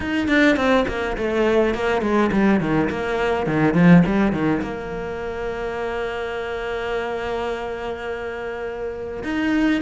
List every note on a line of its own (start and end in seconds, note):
0.00 0.28 D#4
0.28 0.56 D4
0.56 0.85 C4
0.88 1.16 A#3
1.17 1.74 A3
1.74 2.01 A#3
2.01 2.30 G#3
2.32 2.60 G3
2.60 2.89 D#3
2.90 3.46 A#3
3.46 3.74 D#3
3.74 4.02 F3
4.06 4.32 G3
4.32 4.61 D#3
4.62 9.23 A#3
9.23 9.81 D#4